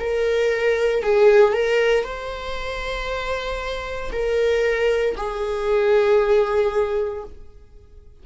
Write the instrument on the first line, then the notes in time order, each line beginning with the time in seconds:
viola
0.00 A#4
1.03 G#4
1.54 A#4
2.05 C5
4.12 A#4
5.17 G#4